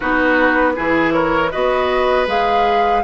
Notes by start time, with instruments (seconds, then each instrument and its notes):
0.00 bassoon B3, clarinet D#4, oboe F#4, flute B4
0.75 bassoon E3, clarinet E4, oboe G#4
1.12 oboe A#4, flute C#5
1.51 bassoon B3, clarinet F#4, oboe B4, flute D#5
2.27 bassoon G#3, clarinet G#4, flute F5